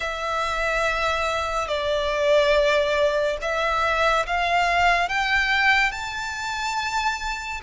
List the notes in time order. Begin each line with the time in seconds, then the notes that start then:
0.00 E5
1.68 D5
3.41 E5
4.26 F5
5.08 G5
5.92 A5